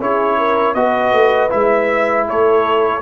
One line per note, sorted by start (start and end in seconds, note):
0.00 0.74 C#4
0.00 0.75 E4
0.00 0.38 G#4
0.00 0.74 C#5
0.38 0.76 A#4
0.74 1.12 B3
0.74 1.49 F#4
0.74 2.28 B4
0.74 1.50 D#5
1.12 1.50 A3
1.49 2.29 G#3
1.49 3.01 E4
1.49 2.27 E5
2.28 3.02 A3
2.28 3.02 A4
2.28 3.02 C#5